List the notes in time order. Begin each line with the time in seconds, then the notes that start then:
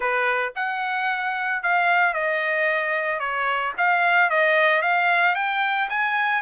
0.00 B4
0.55 F#5
1.62 F5
2.13 D#5
3.19 C#5
3.77 F5
4.30 D#5
4.82 F5
5.35 G5
5.89 G#5